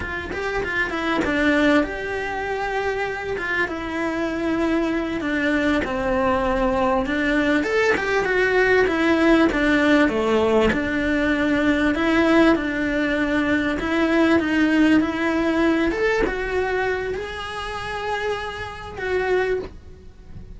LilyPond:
\new Staff \with { instrumentName = "cello" } { \time 4/4 \tempo 4 = 98 f'8 g'8 f'8 e'8 d'4 g'4~ | g'4. f'8 e'2~ | e'8 d'4 c'2 d'8~ | d'8 a'8 g'8 fis'4 e'4 d'8~ |
d'8 a4 d'2 e'8~ | e'8 d'2 e'4 dis'8~ | dis'8 e'4. a'8 fis'4. | gis'2. fis'4 | }